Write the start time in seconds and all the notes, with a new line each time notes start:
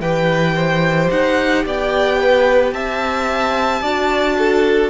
0.00 E3 G4 B4 G5
0.55 C5
1.10 D#4 F#5
1.65 B3 D5 G5
2.19 B4
2.72 C4 E5 A5
3.82 D4 F#4 D5
4.38 A4